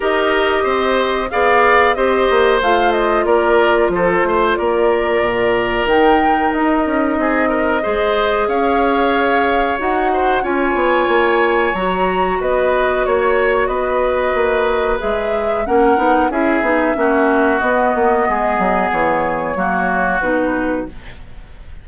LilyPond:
<<
  \new Staff \with { instrumentName = "flute" } { \time 4/4 \tempo 4 = 92 dis''2 f''4 dis''4 | f''8 dis''8 d''4 c''4 d''4~ | d''4 g''4 dis''2~ | dis''4 f''2 fis''4 |
gis''2 ais''4 dis''4 | cis''4 dis''2 e''4 | fis''4 e''2 dis''4~ | dis''4 cis''2 b'4 | }
  \new Staff \with { instrumentName = "oboe" } { \time 4/4 ais'4 c''4 d''4 c''4~ | c''4 ais'4 a'8 c''8 ais'4~ | ais'2. gis'8 ais'8 | c''4 cis''2~ cis''8 c''8 |
cis''2. b'4 | cis''4 b'2. | ais'4 gis'4 fis'2 | gis'2 fis'2 | }
  \new Staff \with { instrumentName = "clarinet" } { \time 4/4 g'2 gis'4 g'4 | f'1~ | f'4 dis'2. | gis'2. fis'4 |
f'2 fis'2~ | fis'2. gis'4 | cis'8 dis'8 e'8 dis'8 cis'4 b4~ | b2 ais4 dis'4 | }
  \new Staff \with { instrumentName = "bassoon" } { \time 4/4 dis'4 c'4 b4 c'8 ais8 | a4 ais4 f8 a8 ais4 | ais,4 dis4 dis'8 cis'8 c'4 | gis4 cis'2 dis'4 |
cis'8 b8 ais4 fis4 b4 | ais4 b4 ais4 gis4 | ais8 b8 cis'8 b8 ais4 b8 ais8 | gis8 fis8 e4 fis4 b,4 | }
>>